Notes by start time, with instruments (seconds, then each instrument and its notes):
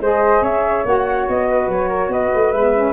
0.00 tuba G#3, saxophone G#4, flute C5 D#5
0.42 tuba C#4, flute C#5 E5
0.85 tuba A#3, saxophone F#4, flute F#5
1.28 tuba B3, flute D#5
1.50 flute B4
1.68 tuba F#3, flute C#5
1.88 flute A#4
2.08 tuba B3, flute B4 D#5
2.35 tuba A3
2.52 tuba G#3, saxophone B3, flute E5
2.76 saxophone C#4